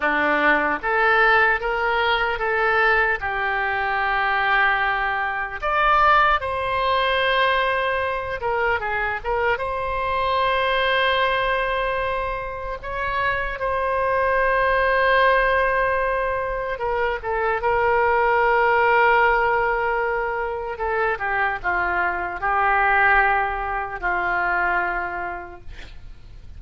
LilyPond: \new Staff \with { instrumentName = "oboe" } { \time 4/4 \tempo 4 = 75 d'4 a'4 ais'4 a'4 | g'2. d''4 | c''2~ c''8 ais'8 gis'8 ais'8 | c''1 |
cis''4 c''2.~ | c''4 ais'8 a'8 ais'2~ | ais'2 a'8 g'8 f'4 | g'2 f'2 | }